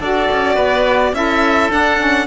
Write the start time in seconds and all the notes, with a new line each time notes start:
0.00 D4 F#4 A4 D5
0.31 C#4
0.55 B3 B4
1.13 C#4 E4 A4 E5
1.70 D4 F#5
1.98 C#4